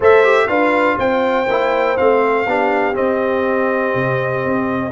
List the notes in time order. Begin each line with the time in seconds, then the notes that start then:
0.00 A3 A4 C5 E5
0.23 G4
0.47 D4 F4 B4 F5
0.98 C4 C5 G5
1.48 A#3 E4
1.97 A3 C4 F5
2.46 B3 D4 G4
2.93 C4 D#5
3.94 C3
4.45 C4